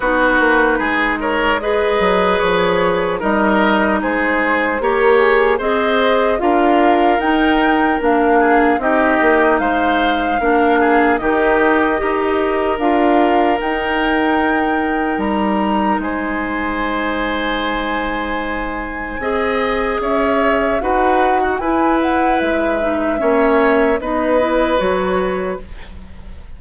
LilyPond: <<
  \new Staff \with { instrumentName = "flute" } { \time 4/4 \tempo 4 = 75 b'4. cis''8 dis''4 cis''4 | dis''4 c''4 ais'8 gis'8 dis''4 | f''4 g''4 f''4 dis''4 | f''2 dis''2 |
f''4 g''2 ais''4 | gis''1~ | gis''4 e''4 fis''4 gis''8 fis''8 | e''2 dis''4 cis''4 | }
  \new Staff \with { instrumentName = "oboe" } { \time 4/4 fis'4 gis'8 ais'8 b'2 | ais'4 gis'4 cis''4 c''4 | ais'2~ ais'8 gis'8 g'4 | c''4 ais'8 gis'8 g'4 ais'4~ |
ais'1 | c''1 | dis''4 cis''4 b'8. fis'16 b'4~ | b'4 cis''4 b'2 | }
  \new Staff \with { instrumentName = "clarinet" } { \time 4/4 dis'2 gis'2 | dis'2 g'4 gis'4 | f'4 dis'4 d'4 dis'4~ | dis'4 d'4 dis'4 g'4 |
f'4 dis'2.~ | dis'1 | gis'2 fis'4 e'4~ | e'8 dis'8 cis'4 dis'8 e'8 fis'4 | }
  \new Staff \with { instrumentName = "bassoon" } { \time 4/4 b8 ais8 gis4. fis8 f4 | g4 gis4 ais4 c'4 | d'4 dis'4 ais4 c'8 ais8 | gis4 ais4 dis4 dis'4 |
d'4 dis'2 g4 | gis1 | c'4 cis'4 dis'4 e'4 | gis4 ais4 b4 fis4 | }
>>